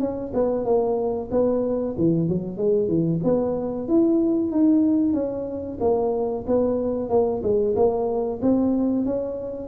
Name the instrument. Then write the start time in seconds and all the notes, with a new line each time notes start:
tuba
0.00 C#4
0.34 B3
0.65 A#3
1.31 B3
1.98 E3
2.28 F#3
2.57 G#3
2.88 E3
3.24 B3
3.88 E4
4.52 D#4
5.13 C#4
5.80 A#3
6.47 B3
7.09 A#3
7.43 G#3
7.76 A#3
8.42 C4
9.05 C#4